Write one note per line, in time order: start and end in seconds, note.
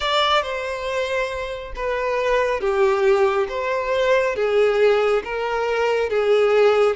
0.00 0.42 D5
0.42 1.72 C5
1.75 2.60 B4
2.60 3.47 G4
3.48 4.35 C5
4.35 5.22 G#4
5.24 6.09 A#4
6.09 6.96 G#4